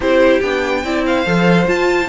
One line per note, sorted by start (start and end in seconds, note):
0.00 0.39 C4
0.00 0.42 E4
0.00 0.82 G4
0.00 0.40 C5
0.40 0.83 B3
0.40 0.84 D4
0.40 1.03 G5
0.83 1.25 C4
0.83 1.26 E4
0.83 1.05 D5
1.06 2.09 C5
1.06 1.68 F5
1.25 1.67 F3
1.25 1.65 A4
1.65 2.07 F4
1.65 2.09 F4
1.65 2.09 A5